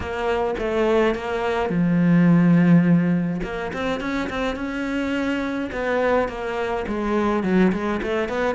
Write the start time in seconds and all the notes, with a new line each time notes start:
0.00 A#3
0.58 A3
1.14 A#3
1.69 F3
3.43 A#3
3.73 C4
4.00 C#4
4.29 C4
4.55 C#4
5.71 B3
6.28 A#3
6.87 G#3
7.43 F#3
7.72 G#3
8.02 A3
8.29 B3